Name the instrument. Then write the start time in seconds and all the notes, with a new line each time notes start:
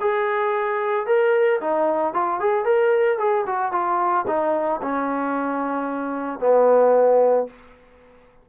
trombone
0.00 G#4
1.06 A#4
1.60 D#4
2.13 F4
2.39 G#4
2.65 A#4
3.18 G#4
3.46 F#4
3.72 F4
4.27 D#4
4.82 C#4
6.39 B3